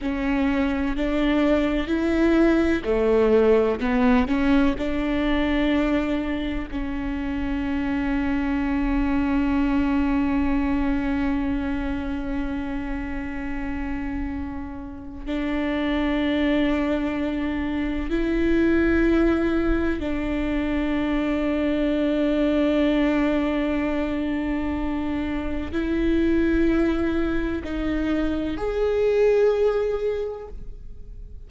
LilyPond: \new Staff \with { instrumentName = "viola" } { \time 4/4 \tempo 4 = 63 cis'4 d'4 e'4 a4 | b8 cis'8 d'2 cis'4~ | cis'1~ | cis'1 |
d'2. e'4~ | e'4 d'2.~ | d'2. e'4~ | e'4 dis'4 gis'2 | }